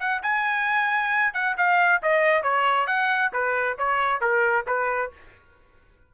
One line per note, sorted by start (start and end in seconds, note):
0.00 0.22 F#5
0.23 1.34 G#5
1.34 1.57 F#5
1.58 2.02 F5
2.03 2.43 D#5
2.43 2.87 C#5
2.87 3.32 F#5
3.33 3.78 B4
3.79 4.21 C#5
4.21 4.66 A#4
4.67 5.12 B4